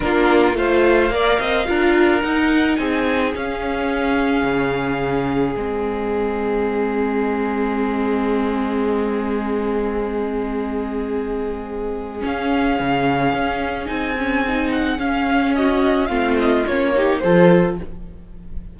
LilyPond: <<
  \new Staff \with { instrumentName = "violin" } { \time 4/4 \tempo 4 = 108 ais'4 f''2. | fis''4 gis''4 f''2~ | f''2 dis''2~ | dis''1~ |
dis''1~ | dis''2 f''2~ | f''4 gis''4. fis''8 f''4 | dis''4 f''8 dis''8 cis''4 c''4 | }
  \new Staff \with { instrumentName = "violin" } { \time 4/4 f'4 c''4 d''8 dis''8 ais'4~ | ais'4 gis'2.~ | gis'1~ | gis'1~ |
gis'1~ | gis'1~ | gis'1 | fis'4 f'4. g'8 a'4 | }
  \new Staff \with { instrumentName = "viola" } { \time 4/4 d'4 f'4 ais'4 f'4 | dis'2 cis'2~ | cis'2 c'2~ | c'1~ |
c'1~ | c'2 cis'2~ | cis'4 dis'8 cis'8 dis'4 cis'4~ | cis'4 c'4 cis'8 dis'8 f'4 | }
  \new Staff \with { instrumentName = "cello" } { \time 4/4 ais4 a4 ais8 c'8 d'4 | dis'4 c'4 cis'2 | cis2 gis2~ | gis1~ |
gis1~ | gis2 cis'4 cis4 | cis'4 c'2 cis'4~ | cis'4 a4 ais4 f4 | }
>>